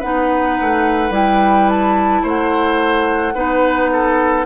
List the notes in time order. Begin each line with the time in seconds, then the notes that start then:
0.00 B3 D#4 B4 F#5
0.61 A3
1.11 G3 E4 G5
1.70 A5
2.23 A3 C5 F#5
3.35 B3 D#4 B4
3.93 A4